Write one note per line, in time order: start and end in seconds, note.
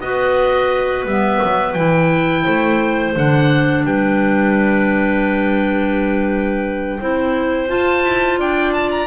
0.00 1.05 B3
0.00 1.07 F#4
0.00 2.43 B4
0.00 1.05 D#5
1.05 1.39 G3
1.05 1.76 B3
1.05 1.73 E5
1.43 1.75 F#3
1.73 2.45 E3
1.73 3.15 E4
1.73 3.12 G5
2.43 3.16 A3
2.43 3.82 C5
3.15 3.85 D3
3.15 6.99 D4
3.15 3.85 F#5
3.85 6.99 G3
3.85 7.00 B4
3.85 7.69 G5
7.00 7.69 C4
7.00 7.67 E4
7.00 8.38 C5
7.67 9.06 F4
7.67 8.03 F4
7.67 8.39 A5
8.03 8.38 E4
8.38 9.06 D4
8.38 9.06 D5
8.38 8.73 G5
8.73 8.90 A5
8.91 9.06 A#5